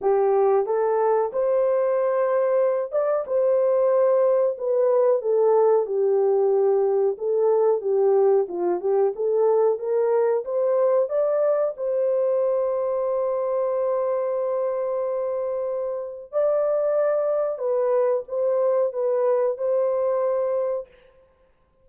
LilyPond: \new Staff \with { instrumentName = "horn" } { \time 4/4 \tempo 4 = 92 g'4 a'4 c''2~ | c''8 d''8 c''2 b'4 | a'4 g'2 a'4 | g'4 f'8 g'8 a'4 ais'4 |
c''4 d''4 c''2~ | c''1~ | c''4 d''2 b'4 | c''4 b'4 c''2 | }